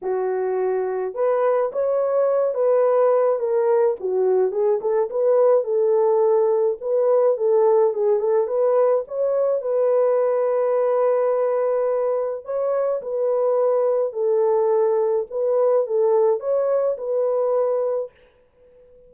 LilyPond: \new Staff \with { instrumentName = "horn" } { \time 4/4 \tempo 4 = 106 fis'2 b'4 cis''4~ | cis''8 b'4. ais'4 fis'4 | gis'8 a'8 b'4 a'2 | b'4 a'4 gis'8 a'8 b'4 |
cis''4 b'2.~ | b'2 cis''4 b'4~ | b'4 a'2 b'4 | a'4 cis''4 b'2 | }